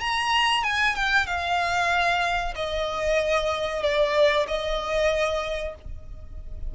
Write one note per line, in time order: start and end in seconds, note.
0.00 0.63 A#5
0.63 0.95 G#5
0.95 1.26 G5
1.26 2.54 F5
2.55 3.82 D#5
3.82 4.46 D5
4.47 5.75 D#5